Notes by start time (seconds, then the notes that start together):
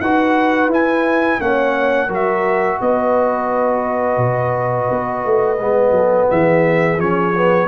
0.00 D#4 F#4 B4 F#5
0.67 E4 G#5
1.39 A#3 C#4 C#5 F#5
2.07 F#3 F#4 A#4
2.14 E5
2.81 B3 B4 D#5
4.17 B2
4.90 B3
5.25 A3
5.59 G#3 B3
5.91 F#3 A4
6.30 E3 G#4 E5
6.97 F3 C#4 C#5
7.34 B3